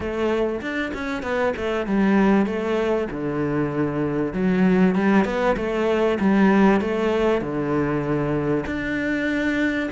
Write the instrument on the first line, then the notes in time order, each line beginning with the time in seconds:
cello
0.00 A3
0.61 D4
0.94 C#4
1.22 B3
1.57 A3
1.86 G3
2.46 A3
3.10 D3
4.33 F#3
4.95 G3
5.24 B3
5.56 A3
6.20 G3
6.80 A3
7.41 D3
8.66 D4